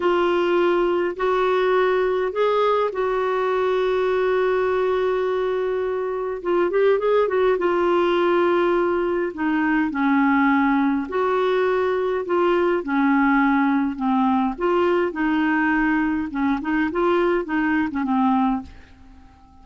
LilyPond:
\new Staff \with { instrumentName = "clarinet" } { \time 4/4 \tempo 4 = 103 f'2 fis'2 | gis'4 fis'2.~ | fis'2. f'8 g'8 | gis'8 fis'8 f'2. |
dis'4 cis'2 fis'4~ | fis'4 f'4 cis'2 | c'4 f'4 dis'2 | cis'8 dis'8 f'4 dis'8. cis'16 c'4 | }